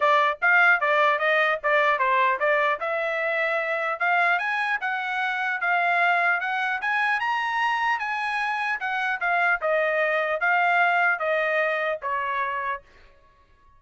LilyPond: \new Staff \with { instrumentName = "trumpet" } { \time 4/4 \tempo 4 = 150 d''4 f''4 d''4 dis''4 | d''4 c''4 d''4 e''4~ | e''2 f''4 gis''4 | fis''2 f''2 |
fis''4 gis''4 ais''2 | gis''2 fis''4 f''4 | dis''2 f''2 | dis''2 cis''2 | }